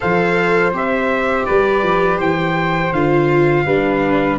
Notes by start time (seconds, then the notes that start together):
0.00 F3 A4 C5 F5
0.72 C4 G4 E5
1.45 G3 B4 D5
1.82 F3
2.17 E3 C5 G5
2.92 D3 F4 F5
3.65 G3 D4 B4